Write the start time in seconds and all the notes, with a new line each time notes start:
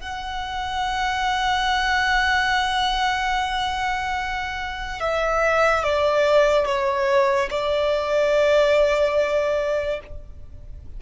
0.00 F#5
5.00 E5
5.83 D5
6.66 C#5
7.50 D5